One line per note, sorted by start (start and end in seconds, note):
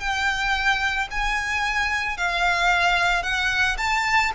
0.00 1.08 G5
1.11 2.18 G#5
2.18 3.23 F5
3.23 3.77 F#5
3.78 4.32 A5